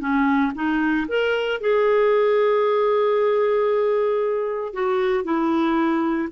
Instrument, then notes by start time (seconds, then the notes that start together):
clarinet
0.00 C#4
0.55 D#4
1.08 A#4
1.61 G#4
4.73 F#4
5.24 E4